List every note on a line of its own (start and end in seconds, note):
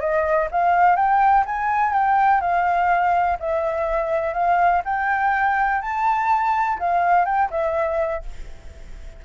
0.00 0.48 D#5
0.51 0.96 F5
0.96 1.44 G5
1.46 1.93 G#5
1.93 2.41 G5
2.41 3.37 F5
3.40 4.34 E5
4.34 4.82 F5
4.85 5.82 G5
5.82 6.78 A5
6.79 7.25 F5
7.25 7.49 G5
7.50 8.23 E5